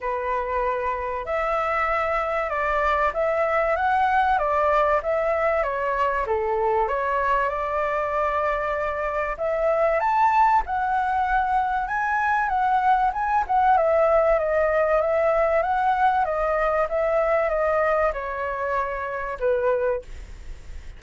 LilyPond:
\new Staff \with { instrumentName = "flute" } { \time 4/4 \tempo 4 = 96 b'2 e''2 | d''4 e''4 fis''4 d''4 | e''4 cis''4 a'4 cis''4 | d''2. e''4 |
a''4 fis''2 gis''4 | fis''4 gis''8 fis''8 e''4 dis''4 | e''4 fis''4 dis''4 e''4 | dis''4 cis''2 b'4 | }